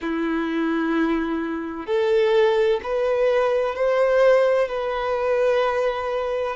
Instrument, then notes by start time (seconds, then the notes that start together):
violin
0.01 E4
1.86 A4
2.83 B4
3.75 C5
4.68 B4